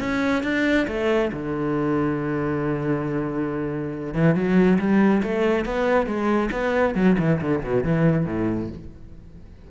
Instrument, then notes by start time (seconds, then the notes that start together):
cello
0.00 C#4
0.44 D4
0.88 A3
1.33 D3
4.14 E3
4.35 F#3
4.79 G3
5.23 A3
5.66 B3
6.07 G#3
6.52 B3
6.95 F#3
7.19 E3
7.41 D3
7.64 B2
7.84 E3
8.26 A2